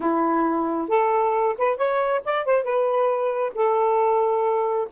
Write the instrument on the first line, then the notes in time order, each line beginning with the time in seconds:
saxophone
0.00 E4
0.88 A4
1.57 B4
1.76 C#5
2.24 D5
2.45 C5
2.63 B4
3.54 A4